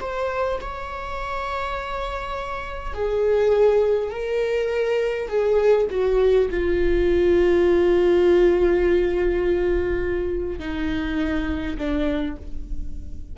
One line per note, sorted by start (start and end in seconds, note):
0.00 0.59 C5
0.61 2.94 C#5
2.94 4.10 G#4
4.10 5.28 A#4
5.28 5.87 G#4
5.90 6.49 F#4
6.50 10.59 F4
10.59 11.77 D#4
11.78 12.36 D4